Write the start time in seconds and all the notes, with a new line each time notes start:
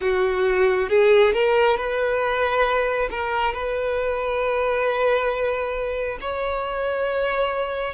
0.00 F#4
0.89 G#4
1.33 A#4
1.76 B4
3.10 A#4
3.53 B4
6.20 C#5